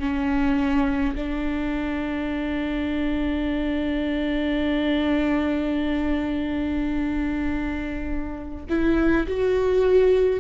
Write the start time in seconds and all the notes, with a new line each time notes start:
0.00 C#4
1.15 D4
8.70 E4
9.28 F#4